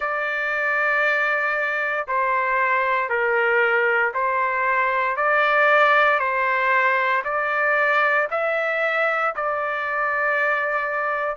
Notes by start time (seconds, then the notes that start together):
0.00 D5
2.07 C5
3.09 A#4
4.14 C5
5.16 D5
6.19 C5
7.24 D5
8.30 E5
9.35 D5